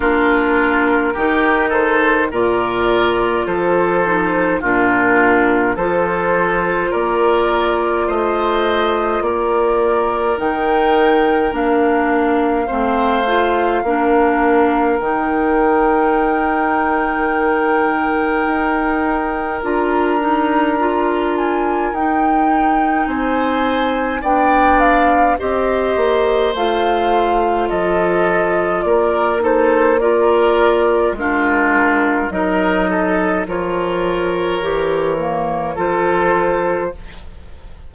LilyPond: <<
  \new Staff \with { instrumentName = "flute" } { \time 4/4 \tempo 4 = 52 ais'4. c''8 d''4 c''4 | ais'4 c''4 d''4 dis''4 | d''4 g''4 f''2~ | f''4 g''2.~ |
g''4 ais''4. gis''8 g''4 | gis''4 g''8 f''8 dis''4 f''4 | dis''4 d''8 c''8 d''4 ais'4 | dis''4 cis''2 c''4 | }
  \new Staff \with { instrumentName = "oboe" } { \time 4/4 f'4 g'8 a'8 ais'4 a'4 | f'4 a'4 ais'4 c''4 | ais'2. c''4 | ais'1~ |
ais'1 | c''4 d''4 c''2 | a'4 ais'8 a'8 ais'4 f'4 | ais'8 a'8 ais'2 a'4 | }
  \new Staff \with { instrumentName = "clarinet" } { \time 4/4 d'4 dis'4 f'4. dis'8 | d'4 f'2.~ | f'4 dis'4 d'4 c'8 f'8 | d'4 dis'2.~ |
dis'4 f'8 dis'8 f'4 dis'4~ | dis'4 d'4 g'4 f'4~ | f'4. dis'8 f'4 d'4 | dis'4 f'4 g'8 ais8 f'4 | }
  \new Staff \with { instrumentName = "bassoon" } { \time 4/4 ais4 dis4 ais,4 f4 | ais,4 f4 ais4 a4 | ais4 dis4 ais4 a4 | ais4 dis2. |
dis'4 d'2 dis'4 | c'4 b4 c'8 ais8 a4 | f4 ais2 gis4 | fis4 f4 e4 f4 | }
>>